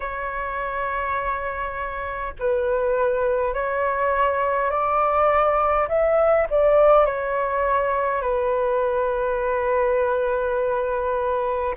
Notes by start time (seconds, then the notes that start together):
0.00 C#5
2.39 B4
3.53 C#5
4.70 D5
5.88 E5
6.50 D5
7.05 C#5
8.21 B4